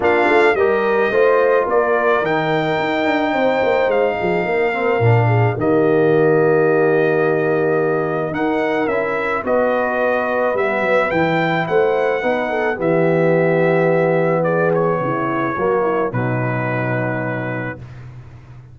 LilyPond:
<<
  \new Staff \with { instrumentName = "trumpet" } { \time 4/4 \tempo 4 = 108 f''4 dis''2 d''4 | g''2. f''4~ | f''2 dis''2~ | dis''2. fis''4 |
e''4 dis''2 e''4 | g''4 fis''2 e''4~ | e''2 d''8 cis''4.~ | cis''4 b'2. | }
  \new Staff \with { instrumentName = "horn" } { \time 4/4 f'4 ais'4 c''4 ais'4~ | ais'2 c''4. gis'8 | ais'4. gis'8 g'2~ | g'2. ais'4~ |
ais'4 b'2.~ | b'4 c''4 b'8 a'8 g'4~ | g'2 gis'4 e'4 | fis'8 e'8 dis'2. | }
  \new Staff \with { instrumentName = "trombone" } { \time 4/4 d'4 g'4 f'2 | dis'1~ | dis'8 c'8 d'4 ais2~ | ais2. dis'4 |
e'4 fis'2 b4 | e'2 dis'4 b4~ | b1 | ais4 fis2. | }
  \new Staff \with { instrumentName = "tuba" } { \time 4/4 ais8 a8 g4 a4 ais4 | dis4 dis'8 d'8 c'8 ais8 gis8 f8 | ais4 ais,4 dis2~ | dis2. dis'4 |
cis'4 b2 g8 fis8 | e4 a4 b4 e4~ | e2. cis4 | fis4 b,2. | }
>>